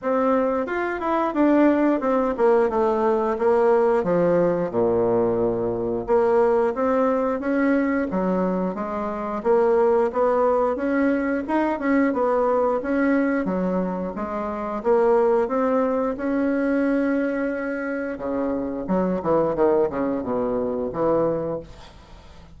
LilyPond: \new Staff \with { instrumentName = "bassoon" } { \time 4/4 \tempo 4 = 89 c'4 f'8 e'8 d'4 c'8 ais8 | a4 ais4 f4 ais,4~ | ais,4 ais4 c'4 cis'4 | fis4 gis4 ais4 b4 |
cis'4 dis'8 cis'8 b4 cis'4 | fis4 gis4 ais4 c'4 | cis'2. cis4 | fis8 e8 dis8 cis8 b,4 e4 | }